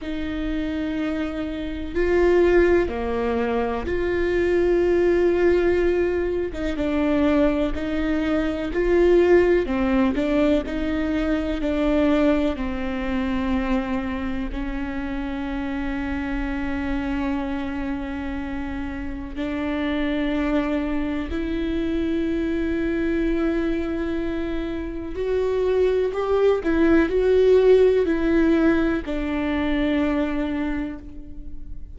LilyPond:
\new Staff \with { instrumentName = "viola" } { \time 4/4 \tempo 4 = 62 dis'2 f'4 ais4 | f'2~ f'8. dis'16 d'4 | dis'4 f'4 c'8 d'8 dis'4 | d'4 c'2 cis'4~ |
cis'1 | d'2 e'2~ | e'2 fis'4 g'8 e'8 | fis'4 e'4 d'2 | }